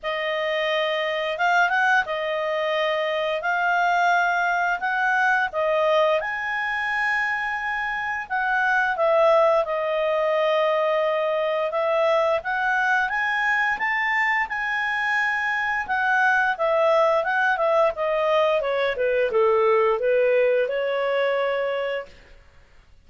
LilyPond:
\new Staff \with { instrumentName = "clarinet" } { \time 4/4 \tempo 4 = 87 dis''2 f''8 fis''8 dis''4~ | dis''4 f''2 fis''4 | dis''4 gis''2. | fis''4 e''4 dis''2~ |
dis''4 e''4 fis''4 gis''4 | a''4 gis''2 fis''4 | e''4 fis''8 e''8 dis''4 cis''8 b'8 | a'4 b'4 cis''2 | }